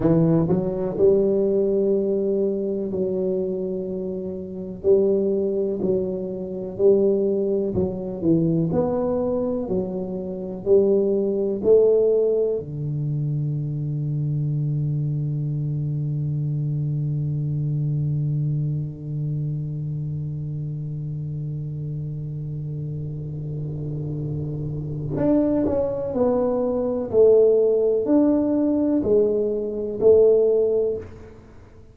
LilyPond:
\new Staff \with { instrumentName = "tuba" } { \time 4/4 \tempo 4 = 62 e8 fis8 g2 fis4~ | fis4 g4 fis4 g4 | fis8 e8 b4 fis4 g4 | a4 d2.~ |
d1~ | d1~ | d2 d'8 cis'8 b4 | a4 d'4 gis4 a4 | }